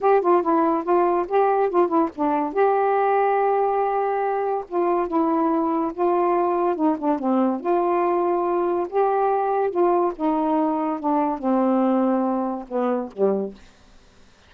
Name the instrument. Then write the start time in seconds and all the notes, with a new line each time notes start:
saxophone
0.00 G4
0.21 F4
0.42 E4
0.83 F4
1.28 G4
1.69 F4
1.88 E4
2.15 D4
2.53 G4
4.68 F4
5.07 E4
5.93 F4
6.75 D#4
6.98 D4
7.18 C4
7.60 F4
8.89 G4
9.70 F4
10.15 D#4
10.99 D4
11.38 C4
12.68 B3
13.12 G3